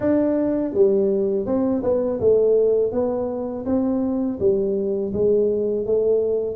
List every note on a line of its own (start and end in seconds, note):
0.00 0.73 D4
0.73 1.46 G3
1.46 1.82 C4
1.83 2.20 B3
2.20 2.92 A3
2.92 3.65 B3
3.66 4.39 C4
4.39 5.12 G3
5.13 5.86 G#3
5.86 6.56 A3